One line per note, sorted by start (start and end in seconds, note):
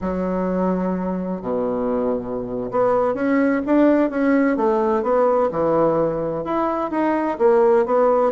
0.01 1.41 F#3
1.41 2.70 B2
2.71 3.14 B3
3.14 3.61 C#4
3.66 4.10 D4
4.10 4.56 C#4
4.56 5.02 A3
5.02 5.49 B3
5.51 6.44 E3
6.44 6.91 E4
6.91 7.37 D#4
7.38 7.85 A#3
7.85 8.32 B3